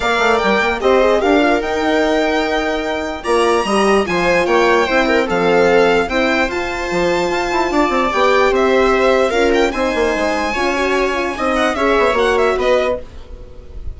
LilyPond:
<<
  \new Staff \with { instrumentName = "violin" } { \time 4/4 \tempo 4 = 148 f''4 g''4 dis''4 f''4 | g''1 | ais''2 gis''4 g''4~ | g''4 f''2 g''4 |
a''1 | g''4 e''2 f''8 g''8 | gis''1~ | gis''8 fis''8 e''4 fis''8 e''8 dis''4 | }
  \new Staff \with { instrumentName = "viola" } { \time 4/4 d''2 c''4 ais'4~ | ais'1 | d''4 dis''4 c''4 cis''4 | c''8 ais'8 a'2 c''4~ |
c''2. d''4~ | d''4 c''2 ais'4 | c''2 cis''2 | dis''4 cis''2 b'4 | }
  \new Staff \with { instrumentName = "horn" } { \time 4/4 ais'2 g'8 gis'8 g'8 f'8 | dis'1 | f'4 g'4 f'2 | e'4 c'2 e'4 |
f'1 | g'2. f'4 | dis'2 f'8 fis'4 f'8 | dis'4 gis'4 fis'2 | }
  \new Staff \with { instrumentName = "bassoon" } { \time 4/4 ais8 a8 g8 ais8 c'4 d'4 | dis'1 | ais4 g4 f4 ais4 | c'4 f2 c'4 |
f'4 f4 f'8 e'8 d'8 c'8 | b4 c'2 cis'4 | c'8 ais8 gis4 cis'2 | c'4 cis'8 b8 ais4 b4 | }
>>